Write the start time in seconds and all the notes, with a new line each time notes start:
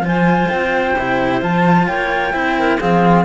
0.00 F3 F4 C5
0.06 G#5
0.49 C4 G5
0.97 C3 E4
1.41 F3 F4 A5
1.87 A#3 C#5 G5
2.33 C4 E4 C5
2.59 A#4
2.79 F3 C4 G#4 F5